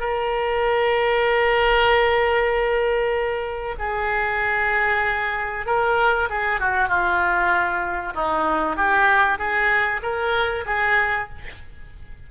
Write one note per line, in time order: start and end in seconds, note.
0.00 3.75 A#4
3.79 5.66 G#4
5.66 6.28 A#4
6.29 6.60 G#4
6.60 6.88 F#4
6.88 8.13 F4
8.14 8.76 D#4
8.76 9.38 G4
9.38 10.01 G#4
10.02 10.65 A#4
10.66 11.28 G#4